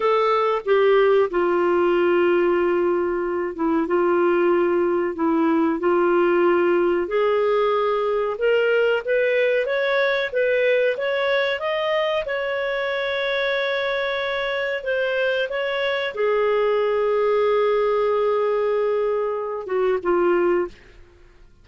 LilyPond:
\new Staff \with { instrumentName = "clarinet" } { \time 4/4 \tempo 4 = 93 a'4 g'4 f'2~ | f'4. e'8 f'2 | e'4 f'2 gis'4~ | gis'4 ais'4 b'4 cis''4 |
b'4 cis''4 dis''4 cis''4~ | cis''2. c''4 | cis''4 gis'2.~ | gis'2~ gis'8 fis'8 f'4 | }